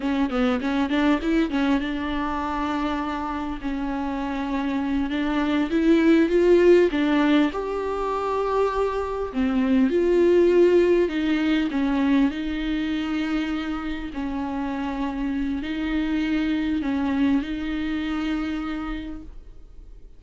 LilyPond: \new Staff \with { instrumentName = "viola" } { \time 4/4 \tempo 4 = 100 cis'8 b8 cis'8 d'8 e'8 cis'8 d'4~ | d'2 cis'2~ | cis'8 d'4 e'4 f'4 d'8~ | d'8 g'2. c'8~ |
c'8 f'2 dis'4 cis'8~ | cis'8 dis'2. cis'8~ | cis'2 dis'2 | cis'4 dis'2. | }